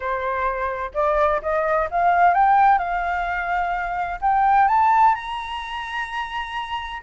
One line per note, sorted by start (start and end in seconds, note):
0.00 0.91 C5
0.94 1.41 D5
1.41 1.88 D#5
1.90 2.34 F5
2.34 2.78 G5
2.78 4.19 F5
4.21 4.67 G5
4.67 5.14 A5
5.14 7.02 A#5